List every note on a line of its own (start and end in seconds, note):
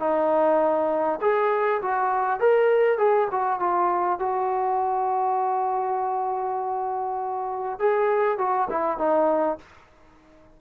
0.00 1.20 D#4
1.22 1.82 G#4
1.82 2.41 F#4
2.41 2.99 A#4
2.99 3.29 G#4
3.31 3.60 F#4
3.60 4.20 F4
4.20 7.79 F#4
7.79 8.38 G#4
8.38 8.68 F#4
8.71 8.99 E4
8.99 9.59 D#4